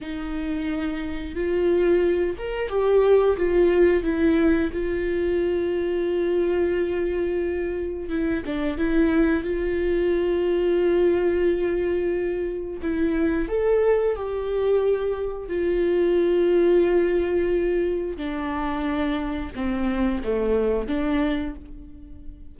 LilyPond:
\new Staff \with { instrumentName = "viola" } { \time 4/4 \tempo 4 = 89 dis'2 f'4. ais'8 | g'4 f'4 e'4 f'4~ | f'1 | e'8 d'8 e'4 f'2~ |
f'2. e'4 | a'4 g'2 f'4~ | f'2. d'4~ | d'4 c'4 a4 d'4 | }